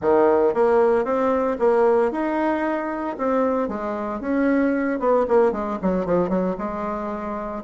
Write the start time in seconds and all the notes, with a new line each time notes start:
0.01 D#3
0.54 A#3
1.04 C4
1.59 A#3
2.11 D#4
3.17 C4
3.68 G#3
4.20 C#4
4.99 B3
5.28 A#3
5.51 G#3
5.82 F#3
6.05 F3
6.29 F#3
6.58 G#3